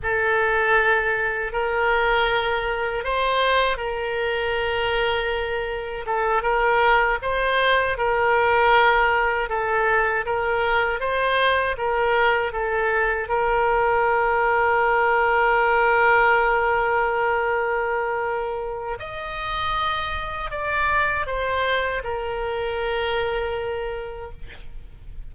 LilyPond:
\new Staff \with { instrumentName = "oboe" } { \time 4/4 \tempo 4 = 79 a'2 ais'2 | c''4 ais'2. | a'8 ais'4 c''4 ais'4.~ | ais'8 a'4 ais'4 c''4 ais'8~ |
ais'8 a'4 ais'2~ ais'8~ | ais'1~ | ais'4 dis''2 d''4 | c''4 ais'2. | }